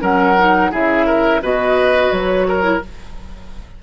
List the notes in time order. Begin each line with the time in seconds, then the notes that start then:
0.00 F#3 C#4 A#4 F#5
0.38 D#4
0.72 C#3 E4 G#4 E5
1.06 A#4
1.42 B2 F#4 B4 D#5
2.12 F#3 C#5
2.48 A#4
2.62 E4